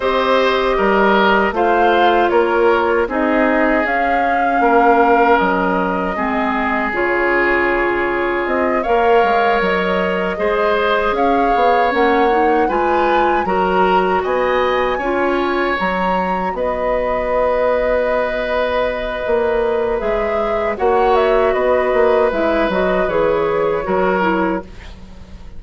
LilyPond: <<
  \new Staff \with { instrumentName = "flute" } { \time 4/4 \tempo 4 = 78 dis''2 f''4 cis''4 | dis''4 f''2 dis''4~ | dis''4 cis''2 dis''8 f''8~ | f''8 dis''2 f''4 fis''8~ |
fis''8 gis''4 ais''4 gis''4.~ | gis''8 ais''4 dis''2~ dis''8~ | dis''2 e''4 fis''8 e''8 | dis''4 e''8 dis''8 cis''2 | }
  \new Staff \with { instrumentName = "oboe" } { \time 4/4 c''4 ais'4 c''4 ais'4 | gis'2 ais'2 | gis'2.~ gis'8 cis''8~ | cis''4. c''4 cis''4.~ |
cis''8 b'4 ais'4 dis''4 cis''8~ | cis''4. b'2~ b'8~ | b'2. cis''4 | b'2. ais'4 | }
  \new Staff \with { instrumentName = "clarinet" } { \time 4/4 g'2 f'2 | dis'4 cis'2. | c'4 f'2~ f'8 ais'8~ | ais'4. gis'2 cis'8 |
dis'8 f'4 fis'2 f'8~ | f'8 fis'2.~ fis'8~ | fis'2 gis'4 fis'4~ | fis'4 e'8 fis'8 gis'4 fis'8 e'8 | }
  \new Staff \with { instrumentName = "bassoon" } { \time 4/4 c'4 g4 a4 ais4 | c'4 cis'4 ais4 fis4 | gis4 cis2 c'8 ais8 | gis8 fis4 gis4 cis'8 b8 ais8~ |
ais8 gis4 fis4 b4 cis'8~ | cis'8 fis4 b2~ b8~ | b4 ais4 gis4 ais4 | b8 ais8 gis8 fis8 e4 fis4 | }
>>